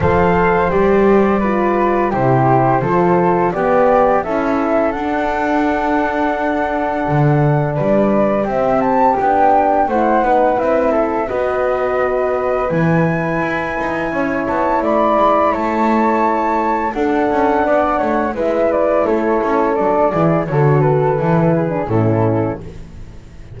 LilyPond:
<<
  \new Staff \with { instrumentName = "flute" } { \time 4/4 \tempo 4 = 85 f''4 d''2 c''4~ | c''4 d''4 e''4 fis''4~ | fis''2. d''4 | e''8 a''8 g''4 fis''4 e''4 |
dis''2 gis''2~ | gis''8 a''8 b''4 a''2 | fis''2 e''8 d''8 cis''4 | d''4 cis''8 b'4. a'4 | }
  \new Staff \with { instrumentName = "flute" } { \time 4/4 c''2 b'4 g'4 | a'4 g'4 a'2~ | a'2. b'4 | g'2 c''8 b'4 a'8 |
b'1 | cis''4 d''4 cis''2 | a'4 d''8 cis''8 b'4 a'4~ | a'8 gis'8 a'4. gis'8 e'4 | }
  \new Staff \with { instrumentName = "horn" } { \time 4/4 a'4 g'4 f'4 e'4 | f'4 b4 e'4 d'4~ | d'1 | c'4 d'4 e'8 dis'8 e'4 |
fis'2 e'2~ | e'1 | d'2 e'2 | d'8 e'8 fis'4 e'8. d'16 cis'4 | }
  \new Staff \with { instrumentName = "double bass" } { \time 4/4 f4 g2 c4 | f4 b4 cis'4 d'4~ | d'2 d4 g4 | c'4 b4 a8 b8 c'4 |
b2 e4 e'8 dis'8 | cis'8 b8 a8 gis8 a2 | d'8 cis'8 b8 a8 gis4 a8 cis'8 | fis8 e8 d4 e4 a,4 | }
>>